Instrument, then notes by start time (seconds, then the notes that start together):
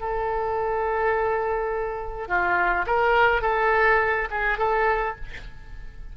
oboe
0.00 A4
2.28 F4
2.86 A#4
3.42 A4
4.30 G#4
4.58 A4